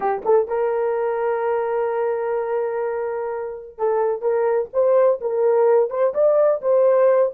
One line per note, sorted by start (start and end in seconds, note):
0.00 0.22 G4
0.25 0.47 A4
0.47 3.78 A#4
3.78 4.21 A4
4.21 4.69 A#4
4.73 5.20 C5
5.20 5.90 A#4
5.90 6.13 C5
6.14 6.61 D5
6.61 7.32 C5